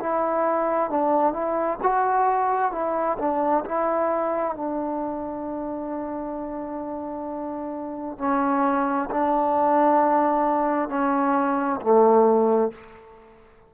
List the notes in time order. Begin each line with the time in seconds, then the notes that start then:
0.00 E4
0.90 D4
1.33 E4
1.83 F#4
2.72 E4
3.19 D4
3.65 E4
4.55 D4
8.19 C#4
9.11 D4
10.89 C#4
11.81 A3